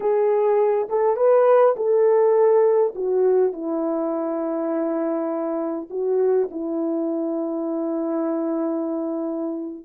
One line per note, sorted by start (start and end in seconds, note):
0.00 0.88 G#4
0.89 1.16 A4
1.16 1.75 B4
1.76 2.94 A4
2.95 3.53 F#4
3.53 5.88 E4
5.90 6.49 F#4
6.50 9.85 E4